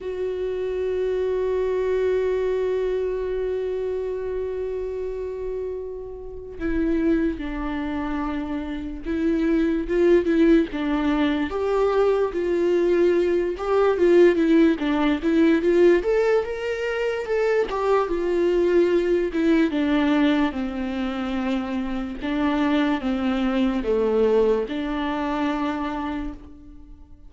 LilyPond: \new Staff \with { instrumentName = "viola" } { \time 4/4 \tempo 4 = 73 fis'1~ | fis'1 | e'4 d'2 e'4 | f'8 e'8 d'4 g'4 f'4~ |
f'8 g'8 f'8 e'8 d'8 e'8 f'8 a'8 | ais'4 a'8 g'8 f'4. e'8 | d'4 c'2 d'4 | c'4 a4 d'2 | }